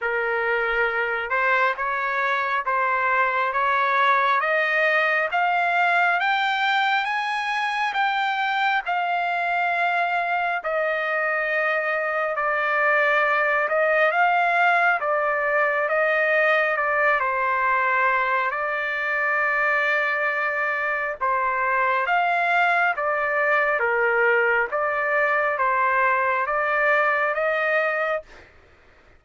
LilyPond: \new Staff \with { instrumentName = "trumpet" } { \time 4/4 \tempo 4 = 68 ais'4. c''8 cis''4 c''4 | cis''4 dis''4 f''4 g''4 | gis''4 g''4 f''2 | dis''2 d''4. dis''8 |
f''4 d''4 dis''4 d''8 c''8~ | c''4 d''2. | c''4 f''4 d''4 ais'4 | d''4 c''4 d''4 dis''4 | }